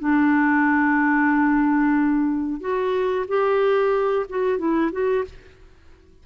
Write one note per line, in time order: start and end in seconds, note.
0.00 2.61 D4
2.61 3.26 F#4
3.28 4.26 G4
4.29 4.58 F#4
4.58 4.91 E4
4.92 5.25 F#4